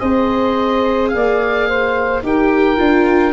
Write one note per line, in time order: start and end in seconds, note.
0.00 1.13 C4
0.00 2.22 G#4
0.00 1.12 C5
0.00 1.09 D#5
1.09 2.23 A#3
1.09 1.68 D5
1.09 2.20 F5
1.68 2.24 C5
2.23 2.78 D#4
2.23 2.77 G4
2.23 3.33 A#4
2.23 3.33 G5
2.77 3.33 D4
2.77 3.32 F4